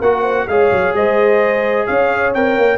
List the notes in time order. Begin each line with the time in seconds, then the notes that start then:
0.00 A#3 F#4 A#4 F#5
0.22 C5
0.48 G#3 G#4 C#5 F5
0.72 F#3
0.93 G#3 C5 D#5
1.87 C#4 C#5 F5
2.34 C4 A#4 G5
2.58 A#3